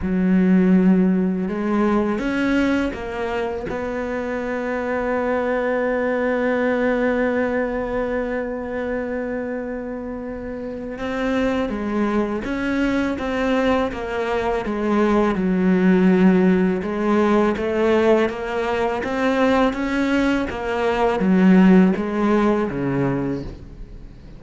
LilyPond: \new Staff \with { instrumentName = "cello" } { \time 4/4 \tempo 4 = 82 fis2 gis4 cis'4 | ais4 b2.~ | b1~ | b2. c'4 |
gis4 cis'4 c'4 ais4 | gis4 fis2 gis4 | a4 ais4 c'4 cis'4 | ais4 fis4 gis4 cis4 | }